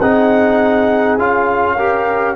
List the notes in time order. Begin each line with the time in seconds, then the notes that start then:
0.00 C4 D#4 G#4 F#5
1.18 C#4 F4 F5
1.76 G4 A#4